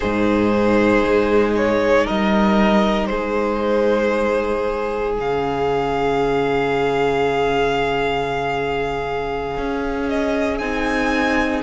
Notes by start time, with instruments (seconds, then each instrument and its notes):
0.00 cello G#2, viola D#4, violin G#4 C5
1.03 cello G#3
1.56 violin C#5
2.05 cello G3, violin A#4 D#5
3.06 cello G#3, violin G#4 C5
5.17 cello C#3, viola C#4, violin F5
9.57 cello C#4
10.09 violin D#5
10.58 cello C4, viola D#4, violin G#5